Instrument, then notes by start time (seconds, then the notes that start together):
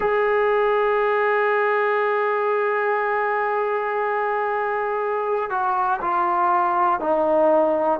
trombone
0.00 G#4
5.50 F#4
6.01 F4
7.00 D#4